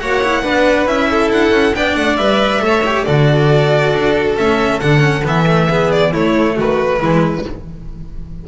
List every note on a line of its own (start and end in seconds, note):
0.00 0.46 A#3
0.00 0.22 F#4
0.00 0.43 C#5
0.00 0.88 F#5
0.23 0.43 E4
0.43 0.86 B3
0.43 0.87 D4
0.43 1.08 B4
0.86 1.30 C#4
0.86 1.74 E4
0.86 1.31 E5
1.11 1.77 A4
1.32 1.52 D4
1.32 1.75 F#5
1.52 1.73 C#4
1.75 1.97 B3
1.75 2.19 D4
1.75 2.64 D5
1.75 1.96 G5
1.96 2.18 A3
1.96 2.17 F#5
2.17 2.62 G3
2.17 2.60 B4
2.17 3.04 E5
2.60 3.06 A3
2.60 2.82 A4
2.60 3.06 C#5
2.86 3.07 G4
3.04 3.94 D3
3.04 4.38 F#4
3.04 5.69 A4
3.04 4.36 D5
3.94 4.37 D4
4.38 4.83 A3
4.38 4.82 C#4
4.38 4.81 E5
4.81 5.27 D3
4.81 5.00 D4
4.81 5.24 F#5
5.00 5.22 C#4
5.24 6.14 E3
5.24 5.46 B3
5.24 5.92 E5
5.47 5.69 A3
5.70 6.14 B3
5.70 6.12 G#4
5.92 6.14 D5
6.12 6.58 A3
6.12 7.01 A3
6.12 6.56 E4
6.12 6.58 C#5
6.56 7.02 D#3
6.56 7.00 F#4
6.56 7.48 B4
7.01 7.47 E3
7.01 7.45 G#3
7.01 7.45 E4